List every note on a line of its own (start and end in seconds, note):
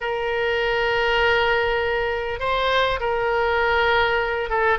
0.00 2.39 A#4
2.39 2.99 C5
2.99 4.49 A#4
4.49 4.78 A4